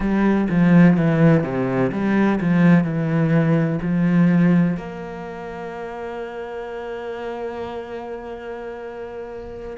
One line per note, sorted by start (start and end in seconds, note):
0.00 0.48 G3
0.49 0.96 F3
0.96 1.43 E3
1.43 1.91 C3
1.92 2.39 G3
2.40 2.84 F3
2.84 3.79 E3
3.81 4.77 F3
4.77 9.77 A#3